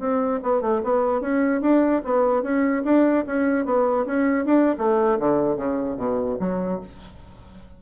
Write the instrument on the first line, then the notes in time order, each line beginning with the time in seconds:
bassoon
0.00 C4
0.43 B3
0.62 A3
0.84 B3
1.21 C#4
1.62 D4
2.05 B3
2.43 C#4
2.85 D4
3.27 C#4
3.66 B3
4.07 C#4
4.46 D4
4.79 A3
5.19 D3
5.57 C#3
5.97 B2
6.40 F#3